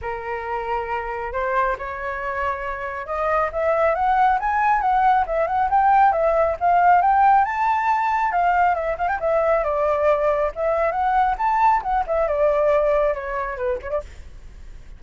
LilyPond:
\new Staff \with { instrumentName = "flute" } { \time 4/4 \tempo 4 = 137 ais'2. c''4 | cis''2. dis''4 | e''4 fis''4 gis''4 fis''4 | e''8 fis''8 g''4 e''4 f''4 |
g''4 a''2 f''4 | e''8 f''16 g''16 e''4 d''2 | e''4 fis''4 a''4 fis''8 e''8 | d''2 cis''4 b'8 cis''16 d''16 | }